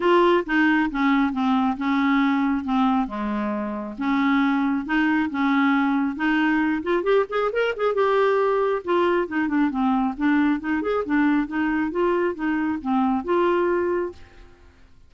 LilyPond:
\new Staff \with { instrumentName = "clarinet" } { \time 4/4 \tempo 4 = 136 f'4 dis'4 cis'4 c'4 | cis'2 c'4 gis4~ | gis4 cis'2 dis'4 | cis'2 dis'4. f'8 |
g'8 gis'8 ais'8 gis'8 g'2 | f'4 dis'8 d'8 c'4 d'4 | dis'8 gis'8 d'4 dis'4 f'4 | dis'4 c'4 f'2 | }